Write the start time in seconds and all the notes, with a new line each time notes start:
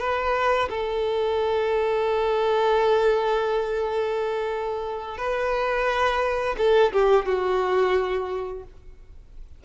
0.00 B4
0.70 A4
5.18 B4
6.58 A4
6.93 G4
7.26 F#4